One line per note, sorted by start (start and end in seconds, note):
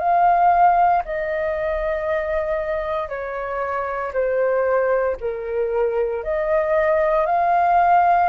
0.00 1.03 F5
1.05 3.09 D#5
3.09 4.12 C#5
4.14 5.17 C5
5.21 6.24 A#4
6.24 7.26 D#5
7.26 8.29 F5